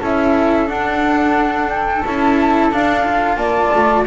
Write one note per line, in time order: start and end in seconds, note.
0.00 0.69 C#4
0.00 0.67 E4
0.00 3.37 A4
0.00 0.68 E5
0.67 2.01 D4
0.67 2.04 D4
0.67 1.69 F#5
1.69 2.03 G5
2.05 2.73 C#4
2.05 2.72 E4
2.05 2.72 A5
2.72 3.04 D4
2.72 3.36 D4
2.72 3.36 F5
3.04 4.05 F4
3.36 3.70 A#3
3.36 4.05 D5
3.36 4.04 A5
3.74 4.07 A3